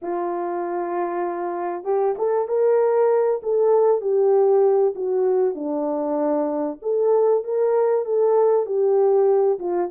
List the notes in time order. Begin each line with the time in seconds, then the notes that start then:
0.02 F4
1.84 G4
2.18 A4
2.47 A#4
3.42 A4
4.01 G4
4.95 F#4
5.54 D4
6.82 A4
7.43 A#4
8.05 A4
8.65 G4
9.59 F4